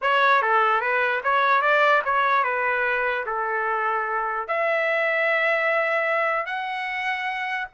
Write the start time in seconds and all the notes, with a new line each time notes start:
0.01 C#5
0.42 A4
0.80 B4
1.23 C#5
1.61 D5
2.04 C#5
2.43 B4
3.26 A4
4.47 E5
6.46 F#5